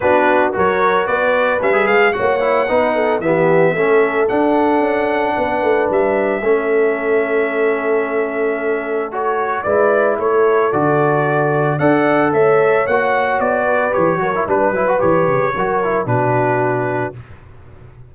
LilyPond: <<
  \new Staff \with { instrumentName = "trumpet" } { \time 4/4 \tempo 4 = 112 b'4 cis''4 d''4 e''8 f''8 | fis''2 e''2 | fis''2. e''4~ | e''1~ |
e''4 cis''4 d''4 cis''4 | d''2 fis''4 e''4 | fis''4 d''4 cis''4 b'4 | cis''2 b'2 | }
  \new Staff \with { instrumentName = "horn" } { \time 4/4 fis'4 ais'4 b'2 | cis''4 b'8 a'8 g'4 a'4~ | a'2 b'2 | a'1~ |
a'2 b'4 a'4~ | a'2 d''4 cis''4~ | cis''4. b'4 ais'8 b'4~ | b'4 ais'4 fis'2 | }
  \new Staff \with { instrumentName = "trombone" } { \time 4/4 d'4 fis'2 cis'16 gis'8. | fis'8 e'8 dis'4 b4 cis'4 | d'1 | cis'1~ |
cis'4 fis'4 e'2 | fis'2 a'2 | fis'2 g'8 fis'16 e'16 d'8 e'16 fis'16 | g'4 fis'8 e'8 d'2 | }
  \new Staff \with { instrumentName = "tuba" } { \time 4/4 b4 fis4 b4 g8 gis8 | ais4 b4 e4 a4 | d'4 cis'4 b8 a8 g4 | a1~ |
a2 gis4 a4 | d2 d'4 a4 | ais4 b4 e8 fis8 g8 fis8 | e8 cis8 fis4 b,2 | }
>>